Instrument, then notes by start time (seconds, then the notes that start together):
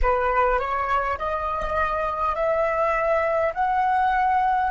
flute
0.02 B4
0.59 C#5
1.18 D#5
2.35 E5
3.53 F#5